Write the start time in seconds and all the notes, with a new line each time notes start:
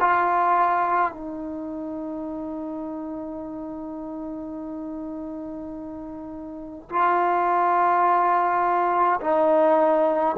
0.00 F4
1.11 D#4
6.89 F4
9.20 D#4